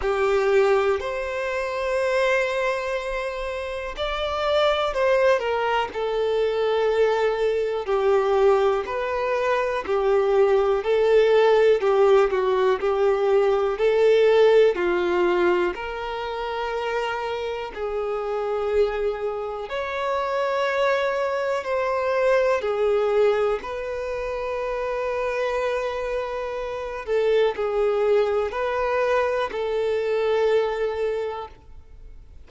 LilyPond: \new Staff \with { instrumentName = "violin" } { \time 4/4 \tempo 4 = 61 g'4 c''2. | d''4 c''8 ais'8 a'2 | g'4 b'4 g'4 a'4 | g'8 fis'8 g'4 a'4 f'4 |
ais'2 gis'2 | cis''2 c''4 gis'4 | b'2.~ b'8 a'8 | gis'4 b'4 a'2 | }